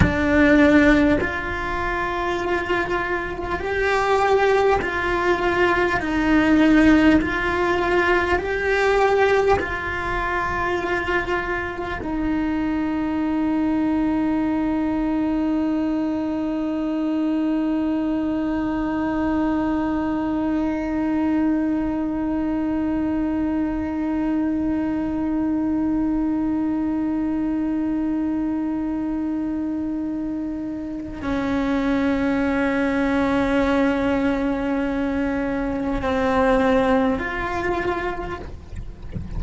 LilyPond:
\new Staff \with { instrumentName = "cello" } { \time 4/4 \tempo 4 = 50 d'4 f'2 g'4 | f'4 dis'4 f'4 g'4 | f'2 dis'2~ | dis'1~ |
dis'1~ | dis'1~ | dis'2 cis'2~ | cis'2 c'4 f'4 | }